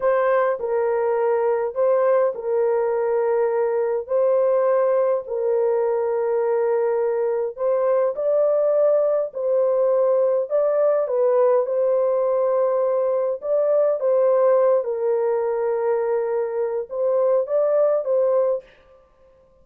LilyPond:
\new Staff \with { instrumentName = "horn" } { \time 4/4 \tempo 4 = 103 c''4 ais'2 c''4 | ais'2. c''4~ | c''4 ais'2.~ | ais'4 c''4 d''2 |
c''2 d''4 b'4 | c''2. d''4 | c''4. ais'2~ ais'8~ | ais'4 c''4 d''4 c''4 | }